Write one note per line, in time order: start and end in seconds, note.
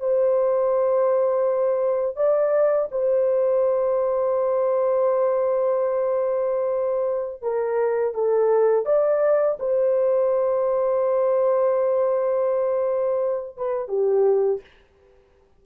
0.00 2.16 C5
2.16 2.88 D5
2.91 7.42 C5
7.42 8.14 A#4
8.14 8.86 A4
8.86 9.58 D5
9.59 13.57 C5
13.57 13.89 B4
13.89 14.61 G4